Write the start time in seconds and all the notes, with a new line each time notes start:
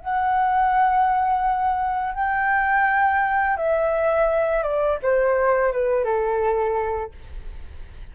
0.00 F#5
2.14 G5
3.56 E5
4.63 D5
5.02 C5
5.72 B4
6.04 A4